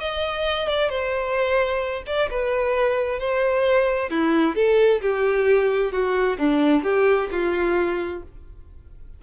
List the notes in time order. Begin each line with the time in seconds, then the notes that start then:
0.00 D#5
0.68 D5
0.90 C5
2.07 D5
2.30 B4
3.20 C5
4.10 E4
4.56 A4
5.01 G4
5.92 F#4
6.38 D4
6.84 G4
7.32 F4